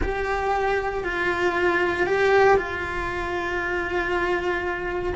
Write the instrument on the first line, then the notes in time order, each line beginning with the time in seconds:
cello
0.02 G4
1.04 F4
2.06 G4
2.57 F4